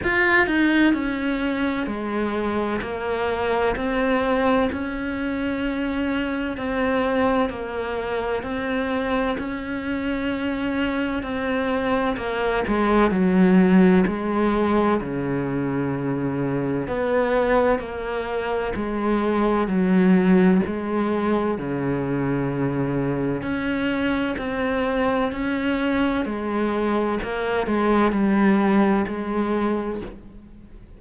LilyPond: \new Staff \with { instrumentName = "cello" } { \time 4/4 \tempo 4 = 64 f'8 dis'8 cis'4 gis4 ais4 | c'4 cis'2 c'4 | ais4 c'4 cis'2 | c'4 ais8 gis8 fis4 gis4 |
cis2 b4 ais4 | gis4 fis4 gis4 cis4~ | cis4 cis'4 c'4 cis'4 | gis4 ais8 gis8 g4 gis4 | }